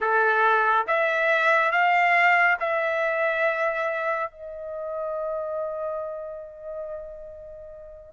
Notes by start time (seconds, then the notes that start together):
0.00 A4
0.86 E5
1.71 F5
2.59 E5
4.31 D#5